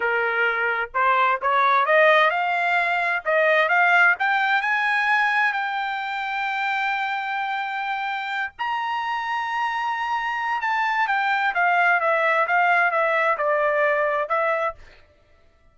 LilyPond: \new Staff \with { instrumentName = "trumpet" } { \time 4/4 \tempo 4 = 130 ais'2 c''4 cis''4 | dis''4 f''2 dis''4 | f''4 g''4 gis''2 | g''1~ |
g''2~ g''8 ais''4.~ | ais''2. a''4 | g''4 f''4 e''4 f''4 | e''4 d''2 e''4 | }